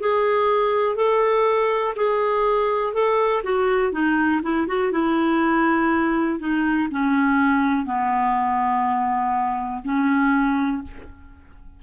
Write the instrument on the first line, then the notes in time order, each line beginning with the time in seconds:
clarinet
0.00 G#4
0.96 A4
1.96 G#4
2.94 A4
3.43 F#4
3.92 D#4
4.43 E4
4.67 F#4
4.92 E4
6.39 D#4
6.91 C#4
7.86 B3
9.85 C#4